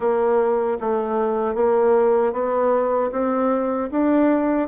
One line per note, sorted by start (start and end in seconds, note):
0.00 0.78 A#3
0.80 1.54 A3
1.54 2.32 A#3
2.32 3.10 B3
3.11 3.89 C4
3.91 4.68 D4